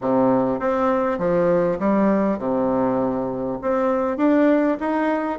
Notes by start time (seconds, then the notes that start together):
0.01 C3
0.59 C4
1.18 F3
1.79 G3
2.38 C3
3.61 C4
4.17 D4
4.80 D#4